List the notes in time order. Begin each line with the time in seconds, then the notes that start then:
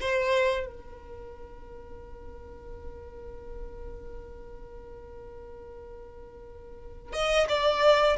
0.00 C5
0.66 A#4
7.12 D#5
7.48 D5